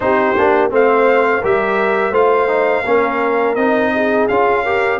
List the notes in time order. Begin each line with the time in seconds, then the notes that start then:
0.00 C4 D#4 G4 C5
0.37 A#3 D4
0.70 A3 C4 C5 F5
1.40 G3 G4 A#4 E5
2.11 A3 F4 C5 F5
2.48 D#4
2.85 A#3 C#4 A#4
3.55 C4 D#4 D#5
3.94 G#4
4.28 C#4 F4 F5
4.63 G4 A#4